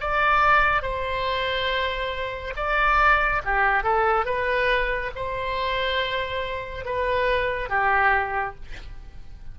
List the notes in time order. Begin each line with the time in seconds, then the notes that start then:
0.00 D5
0.82 C5
2.56 D5
3.44 G4
3.83 A4
4.25 B4
5.15 C5
6.85 B4
7.69 G4